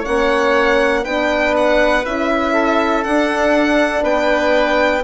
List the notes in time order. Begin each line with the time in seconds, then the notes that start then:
0.00 C#4 C#5 F#5
0.07 A#3
1.03 B3 D4 B4 G5
1.56 F#5
2.05 C#4 E4 E5
2.53 A4
3.04 D4 F#5
4.03 B3 B4 G5